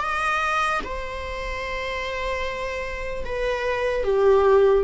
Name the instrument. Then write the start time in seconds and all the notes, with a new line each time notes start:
viola
0.00 D#5
0.84 C5
3.25 B4
4.04 G4